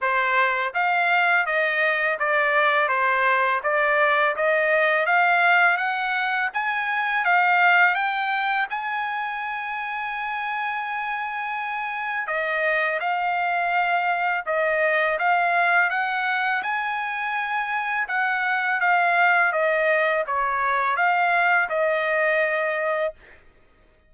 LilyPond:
\new Staff \with { instrumentName = "trumpet" } { \time 4/4 \tempo 4 = 83 c''4 f''4 dis''4 d''4 | c''4 d''4 dis''4 f''4 | fis''4 gis''4 f''4 g''4 | gis''1~ |
gis''4 dis''4 f''2 | dis''4 f''4 fis''4 gis''4~ | gis''4 fis''4 f''4 dis''4 | cis''4 f''4 dis''2 | }